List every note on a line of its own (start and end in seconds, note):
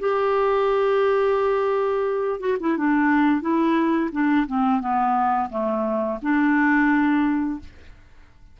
0.00 2.40 G4
2.40 2.58 F#4
2.61 2.77 E4
2.77 3.41 D4
3.41 4.10 E4
4.13 4.47 D4
4.47 4.81 C4
4.81 5.50 B3
5.50 6.19 A3
6.22 7.60 D4